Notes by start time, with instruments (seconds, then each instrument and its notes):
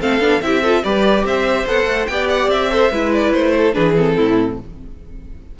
0.00 cello A3, viola C4, violin A4 F5
0.20 cello B3, viola D4
0.41 cello C4, viola E4, violin G4 E5
0.62 viola F4, violin A4
0.83 cello G3, viola G4, violin B4 D5
1.24 cello C4, violin C5 E5
1.67 cello B3, viola A4, violin F#5
1.85 cello A3
2.06 cello B3, viola G4, violin D5 G5
2.29 violin F#5
2.47 cello C4, violin E5
2.70 viola A4, violin C5
2.91 cello G#3, viola E4, violin B4
3.13 violin D5
3.33 cello A3, violin C5
3.56 violin A4
3.73 cello E3, viola D4, violin G#4 B4
3.97 viola C4, violin A4
4.16 cello A2, violin E4